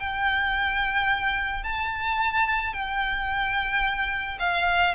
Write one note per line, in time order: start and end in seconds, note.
0.00 1.64 G5
1.64 2.73 A5
2.73 4.38 G5
4.40 4.95 F5